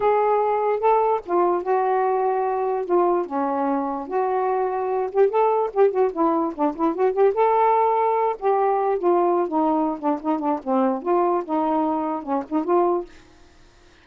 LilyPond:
\new Staff \with { instrumentName = "saxophone" } { \time 4/4 \tempo 4 = 147 gis'2 a'4 f'4 | fis'2. f'4 | cis'2 fis'2~ | fis'8 g'8 a'4 g'8 fis'8 e'4 |
d'8 e'8 fis'8 g'8 a'2~ | a'8 g'4. f'4~ f'16 dis'8.~ | dis'8 d'8 dis'8 d'8 c'4 f'4 | dis'2 cis'8 dis'8 f'4 | }